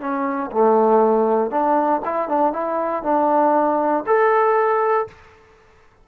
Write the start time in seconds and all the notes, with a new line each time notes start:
0.00 C#4
0.51 A3
1.51 D4
2.05 E4
2.29 D4
2.53 E4
3.03 D4
4.07 A4